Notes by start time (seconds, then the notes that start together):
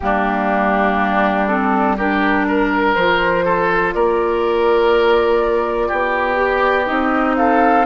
0.00 G3 A#3 D4 G4
1.47 C4 A4
1.96 D4 G4 A#4
2.48 A#4
2.94 F3 F4 C5
3.44 A4
3.93 A#3 A#4 D5
5.88 B3 G4
6.36 G4
6.85 C4 D#4 D#5
7.36 A4 F5